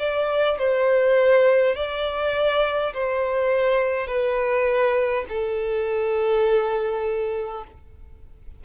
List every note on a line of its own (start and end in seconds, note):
0.00 0.59 D5
0.59 1.76 C5
1.76 2.94 D5
2.94 4.07 C5
4.07 5.26 B4
5.29 7.65 A4